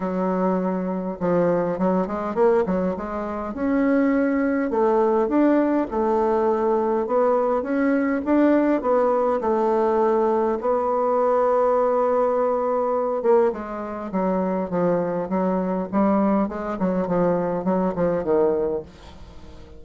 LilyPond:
\new Staff \with { instrumentName = "bassoon" } { \time 4/4 \tempo 4 = 102 fis2 f4 fis8 gis8 | ais8 fis8 gis4 cis'2 | a4 d'4 a2 | b4 cis'4 d'4 b4 |
a2 b2~ | b2~ b8 ais8 gis4 | fis4 f4 fis4 g4 | gis8 fis8 f4 fis8 f8 dis4 | }